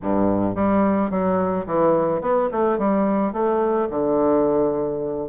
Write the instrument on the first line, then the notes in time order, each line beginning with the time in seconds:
bassoon
0.02 G2
0.55 G3
1.10 F#3
1.66 E3
2.21 B3
2.51 A3
2.78 G3
3.33 A3
3.90 D3